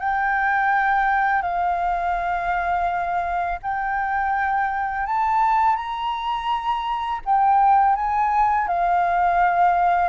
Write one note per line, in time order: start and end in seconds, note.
0.00 1.43 G5
1.43 3.59 F5
3.63 5.07 G5
5.07 5.76 A5
5.76 7.21 A#5
7.26 7.96 G5
7.96 8.68 G#5
8.68 10.09 F5